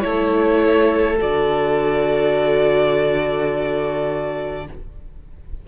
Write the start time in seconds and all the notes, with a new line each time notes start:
0.00 A3 E4 A4 C#5
1.18 D3 F#4 D5